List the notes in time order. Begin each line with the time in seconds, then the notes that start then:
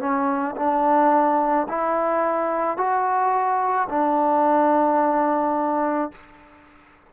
0.00 C#4
0.57 D4
1.69 E4
2.77 F#4
3.89 D4